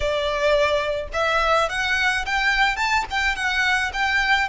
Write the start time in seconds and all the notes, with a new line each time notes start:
0.00 D5
1.13 E5
1.69 F#5
2.25 G5
2.76 A5
3.10 G5
3.35 F#5
3.93 G5